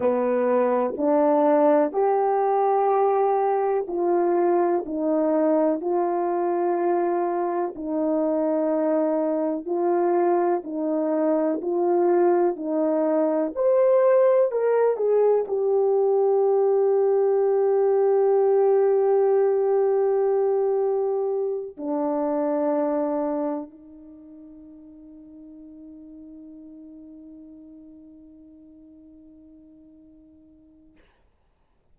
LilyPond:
\new Staff \with { instrumentName = "horn" } { \time 4/4 \tempo 4 = 62 b4 d'4 g'2 | f'4 dis'4 f'2 | dis'2 f'4 dis'4 | f'4 dis'4 c''4 ais'8 gis'8 |
g'1~ | g'2~ g'8 d'4.~ | d'8 dis'2.~ dis'8~ | dis'1 | }